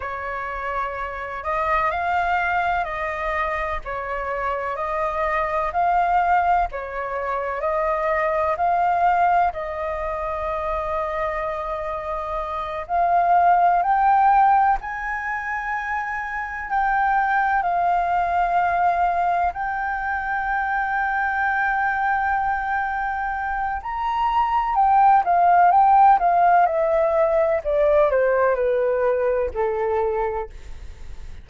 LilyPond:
\new Staff \with { instrumentName = "flute" } { \time 4/4 \tempo 4 = 63 cis''4. dis''8 f''4 dis''4 | cis''4 dis''4 f''4 cis''4 | dis''4 f''4 dis''2~ | dis''4. f''4 g''4 gis''8~ |
gis''4. g''4 f''4.~ | f''8 g''2.~ g''8~ | g''4 ais''4 g''8 f''8 g''8 f''8 | e''4 d''8 c''8 b'4 a'4 | }